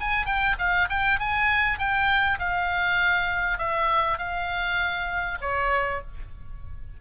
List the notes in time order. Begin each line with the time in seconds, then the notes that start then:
0.00 G#5
0.26 G5
0.58 F5
0.89 G5
1.19 G#5
1.78 G5
2.39 F5
3.58 E5
4.18 F5
5.41 C#5